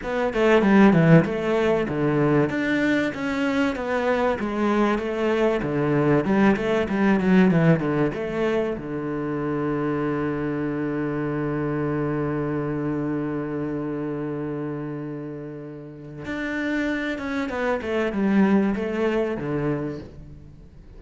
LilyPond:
\new Staff \with { instrumentName = "cello" } { \time 4/4 \tempo 4 = 96 b8 a8 g8 e8 a4 d4 | d'4 cis'4 b4 gis4 | a4 d4 g8 a8 g8 fis8 | e8 d8 a4 d2~ |
d1~ | d1~ | d2 d'4. cis'8 | b8 a8 g4 a4 d4 | }